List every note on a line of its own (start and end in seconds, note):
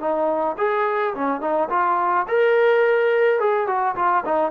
0.00 0.57 D#4
0.58 1.14 G#4
1.14 1.41 C#4
1.41 1.69 D#4
1.70 2.26 F4
2.28 3.40 A#4
3.40 3.67 G#4
3.67 3.95 F#4
3.96 4.24 F4
4.25 4.52 D#4